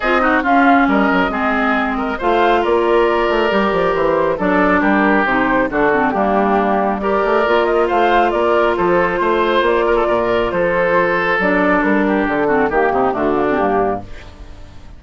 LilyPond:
<<
  \new Staff \with { instrumentName = "flute" } { \time 4/4 \tempo 4 = 137 dis''4 f''4 dis''2~ | dis''4 f''4 d''2~ | d''4 c''4 d''4 ais'4 | c''4 a'4 g'2 |
d''4. dis''8 f''4 d''4 | c''2 d''2 | c''2 d''4 ais'4 | a'4 g'4 fis'4 g'4 | }
  \new Staff \with { instrumentName = "oboe" } { \time 4/4 gis'8 fis'8 f'4 ais'4 gis'4~ | gis'8 ais'8 c''4 ais'2~ | ais'2 a'4 g'4~ | g'4 fis'4 d'2 |
ais'2 c''4 ais'4 | a'4 c''4. ais'16 a'16 ais'4 | a'2.~ a'8 g'8~ | g'8 fis'8 g'8 dis'8 d'2 | }
  \new Staff \with { instrumentName = "clarinet" } { \time 4/4 f'8 dis'8 cis'2 c'4~ | c'4 f'2. | g'2 d'2 | dis'4 d'8 c'8 ais2 |
g'4 f'2.~ | f'1~ | f'2 d'2~ | d'8 c'8 ais4 a8 ais16 c'16 ais4 | }
  \new Staff \with { instrumentName = "bassoon" } { \time 4/4 c'4 cis'4 g8 fis8 gis4~ | gis4 a4 ais4. a8 | g8 f8 e4 fis4 g4 | c4 d4 g2~ |
g8 a8 ais4 a4 ais4 | f4 a4 ais4 ais,4 | f2 fis4 g4 | d4 dis8 c8 d4 g,4 | }
>>